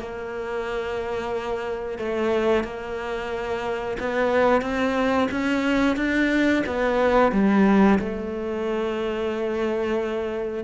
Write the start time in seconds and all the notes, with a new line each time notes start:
0.00 A#3
1.98 A3
2.64 A#3
4.00 B3
4.62 C4
5.31 C#4
5.97 D4
6.67 B3
7.32 G3
7.99 A3